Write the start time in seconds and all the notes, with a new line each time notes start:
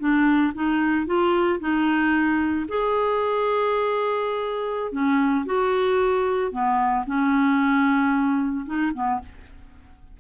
0.00 D4
0.55 D#4
1.07 F4
1.60 D#4
2.69 G#4
4.92 C#4
5.46 F#4
6.52 B3
7.07 C#4
8.66 D#4
8.94 B3